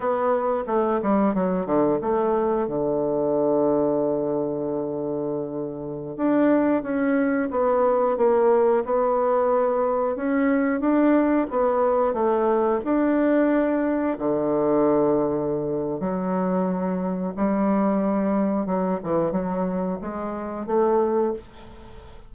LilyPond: \new Staff \with { instrumentName = "bassoon" } { \time 4/4 \tempo 4 = 90 b4 a8 g8 fis8 d8 a4 | d1~ | d4~ d16 d'4 cis'4 b8.~ | b16 ais4 b2 cis'8.~ |
cis'16 d'4 b4 a4 d'8.~ | d'4~ d'16 d2~ d8. | fis2 g2 | fis8 e8 fis4 gis4 a4 | }